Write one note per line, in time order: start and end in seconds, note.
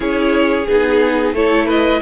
0.00 0.67 C#4
0.00 0.65 E4
0.00 1.34 G#4
0.00 0.66 C#5
0.66 1.32 B3
0.66 1.35 D#4
0.66 1.34 G#4
1.32 2.00 A3
1.32 2.01 E4
1.32 1.66 A4
1.32 1.68 C#5
1.66 1.99 B4
1.66 2.01 D#5